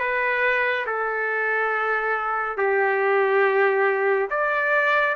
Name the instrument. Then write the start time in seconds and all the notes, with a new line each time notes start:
trumpet
0.00 B4
0.87 A4
2.58 G4
4.31 D5